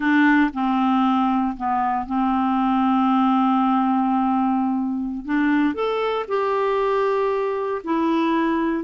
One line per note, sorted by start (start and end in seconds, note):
0.00 0.50 D4
0.53 1.56 C4
1.56 2.06 B3
2.06 5.25 C4
5.25 5.74 D4
5.74 6.25 A4
6.28 7.82 G4
7.84 8.83 E4